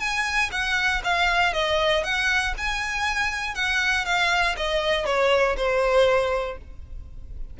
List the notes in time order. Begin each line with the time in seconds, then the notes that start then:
0.00 G#5
0.52 F#5
1.04 F5
1.53 D#5
2.04 F#5
2.58 G#5
3.55 F#5
4.05 F5
4.57 D#5
5.06 C#5
5.57 C5